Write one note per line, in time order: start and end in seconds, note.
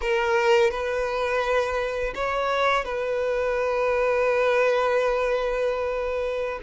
0.01 0.70 A#4
0.70 2.13 B4
2.14 2.84 C#5
2.84 6.59 B4